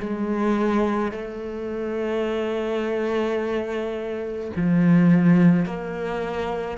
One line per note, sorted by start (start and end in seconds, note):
0.00 1.12 G#3
1.12 4.51 A3
4.56 5.66 F3
5.66 6.78 A#3